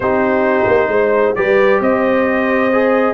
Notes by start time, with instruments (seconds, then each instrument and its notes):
0.00 tuba C4, trombone D#4, horn G4, trumpet C5
0.66 tuba A#3
0.88 tuba G#3, horn C5
1.35 tuba G3, trombone G4, horn B4, trumpet D5
1.80 tuba C4, horn C5, trumpet D#5
2.72 trombone G#4